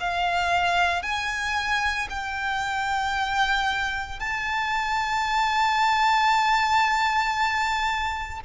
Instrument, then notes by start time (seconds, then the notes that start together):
violin
0.00 F5
1.02 G#5
2.09 G5
4.19 A5